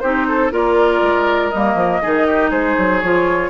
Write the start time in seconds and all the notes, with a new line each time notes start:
0.00 C4 D#4 G4 C5
0.28 A4
0.51 A#3 F4 A#4 D5
1.01 G#3
1.51 G3 A#3 D#5
1.75 F3
2.02 D#3 D#4 G#4
2.27 G4
2.50 G#3 G#4 C5
2.78 F#3
3.01 F3 F4 C#5